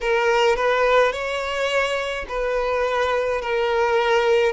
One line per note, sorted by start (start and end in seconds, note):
0.00 0.56 A#4
0.56 1.12 B4
1.12 2.25 C#5
2.28 3.41 B4
3.41 4.52 A#4